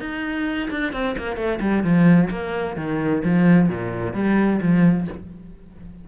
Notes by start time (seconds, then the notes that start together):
0.00 D#4
0.70 D4
0.93 C4
1.18 A#3
1.36 A3
1.61 G3
1.84 F3
2.31 A#3
2.77 D#3
3.24 F3
3.69 A#2
4.14 G3
4.62 F3